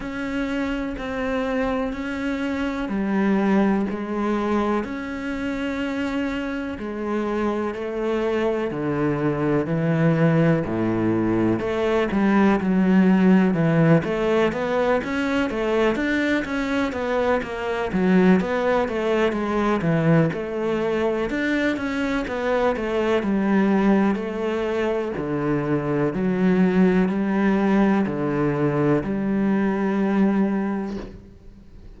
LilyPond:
\new Staff \with { instrumentName = "cello" } { \time 4/4 \tempo 4 = 62 cis'4 c'4 cis'4 g4 | gis4 cis'2 gis4 | a4 d4 e4 a,4 | a8 g8 fis4 e8 a8 b8 cis'8 |
a8 d'8 cis'8 b8 ais8 fis8 b8 a8 | gis8 e8 a4 d'8 cis'8 b8 a8 | g4 a4 d4 fis4 | g4 d4 g2 | }